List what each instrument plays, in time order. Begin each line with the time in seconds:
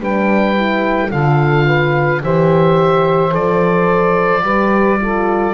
0.00 double bass G3, horn D4, saxophone B4, oboe G5
0.56 horn E4
1.09 double bass D3, horn F4, saxophone A4, oboe F5
1.66 saxophone B4
2.23 double bass E3, horn G4, saxophone C5, oboe E5
3.31 double bass F3, horn A4, oboe D5
4.43 double bass G3, horn G4, saxophone B4
5.01 horn F4, saxophone A4